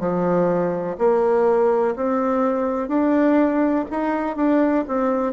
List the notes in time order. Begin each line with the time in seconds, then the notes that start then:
0.00 F3
0.98 A#3
1.96 C4
2.89 D4
3.91 D#4
4.36 D4
4.88 C4